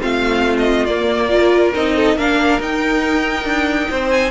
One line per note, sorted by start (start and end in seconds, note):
0.00 0.88 A3
0.00 0.87 C4
0.00 1.29 F4
0.00 0.57 F5
0.58 0.86 D#5
0.86 1.74 A#3
0.86 1.30 A#3
0.86 1.72 D5
1.30 1.73 F4
1.30 1.96 A#4
1.75 2.16 C4
1.75 2.18 D#4
1.75 2.18 D#5
1.96 2.18 A4
2.16 2.60 A#3
2.16 2.61 D4
2.16 3.90 A#4
2.16 2.61 F5
2.60 3.45 D#4
2.60 4.31 D#4
2.60 4.11 G5
3.45 3.88 D4
3.90 4.31 C4
3.90 4.31 C5
4.11 4.31 G#5